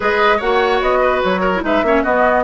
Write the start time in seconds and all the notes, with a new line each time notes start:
0.00 G#3 G#4 B4 D#5
0.37 A#3 F#4 C#5 F#5
0.81 B3 D#5
1.00 B4
1.23 F#3 C#5
1.40 A#4
1.54 E4
1.62 G#3 D#4 B4 E5
1.82 A#3 C#4 C#5
2.03 B3 F#4 D#5